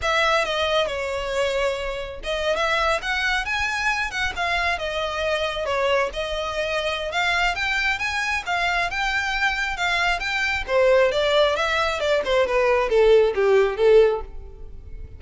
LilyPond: \new Staff \with { instrumentName = "violin" } { \time 4/4 \tempo 4 = 135 e''4 dis''4 cis''2~ | cis''4 dis''8. e''4 fis''4 gis''16~ | gis''4~ gis''16 fis''8 f''4 dis''4~ dis''16~ | dis''8. cis''4 dis''2~ dis''16 |
f''4 g''4 gis''4 f''4 | g''2 f''4 g''4 | c''4 d''4 e''4 d''8 c''8 | b'4 a'4 g'4 a'4 | }